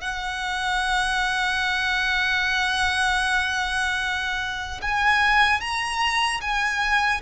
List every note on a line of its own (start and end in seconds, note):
0.00 4.80 F#5
4.81 5.60 G#5
5.60 6.40 A#5
6.41 7.21 G#5